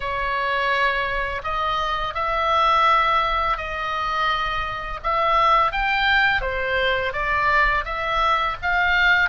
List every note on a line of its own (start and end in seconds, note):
0.00 1.42 C#5
1.43 2.14 D#5
2.14 3.57 E5
3.57 5.00 D#5
5.03 5.71 E5
5.71 6.41 G5
6.41 7.12 C5
7.12 7.84 D5
7.84 8.56 E5
8.62 9.29 F5